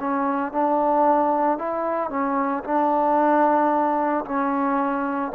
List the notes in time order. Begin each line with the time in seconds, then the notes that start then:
0.00 C#4
0.53 D4
1.58 E4
2.10 C#4
2.64 D4
4.25 C#4